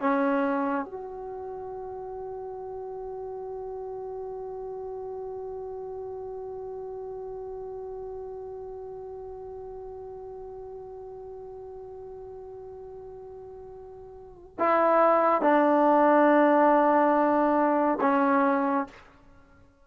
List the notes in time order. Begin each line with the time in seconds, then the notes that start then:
0.00 C#4
0.85 F#4
14.59 E4
15.42 D4
18.01 C#4